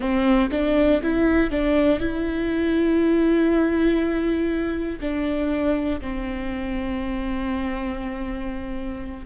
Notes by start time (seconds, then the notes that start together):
0.00 C4
0.50 D4
1.03 E4
1.50 D4
2.00 E4
5.00 D4
6.00 C4